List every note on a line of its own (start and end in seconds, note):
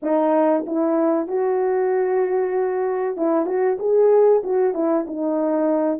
0.02 0.65 D#4
0.66 1.27 E4
1.27 3.17 F#4
3.17 3.46 E4
3.46 3.77 F#4
3.79 4.42 G#4
4.43 4.74 F#4
4.74 5.05 E4
5.07 5.99 D#4